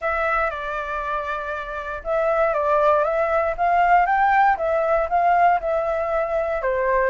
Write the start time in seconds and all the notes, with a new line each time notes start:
0.01 E5
0.50 D5
2.04 E5
2.53 D5
3.03 E5
3.57 F5
4.05 G5
4.57 E5
5.09 F5
5.60 E5
6.61 C5